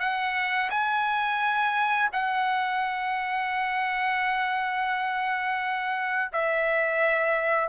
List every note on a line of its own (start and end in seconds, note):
0.00 0.70 F#5
0.70 2.10 G#5
2.13 6.32 F#5
6.33 7.69 E5